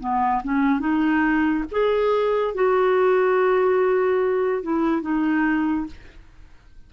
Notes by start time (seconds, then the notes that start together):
0.00 B3
0.44 C#4
0.80 D#4
1.71 G#4
2.55 F#4
4.63 E4
5.02 D#4